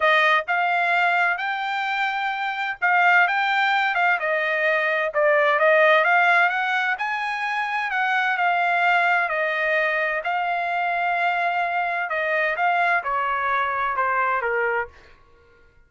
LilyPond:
\new Staff \with { instrumentName = "trumpet" } { \time 4/4 \tempo 4 = 129 dis''4 f''2 g''4~ | g''2 f''4 g''4~ | g''8 f''8 dis''2 d''4 | dis''4 f''4 fis''4 gis''4~ |
gis''4 fis''4 f''2 | dis''2 f''2~ | f''2 dis''4 f''4 | cis''2 c''4 ais'4 | }